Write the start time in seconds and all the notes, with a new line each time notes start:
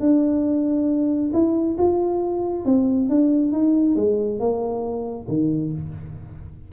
0.00 D4
1.33 E4
1.78 F4
2.65 C4
3.09 D4
3.52 D#4
3.96 G#3
4.39 A#3
5.28 D#3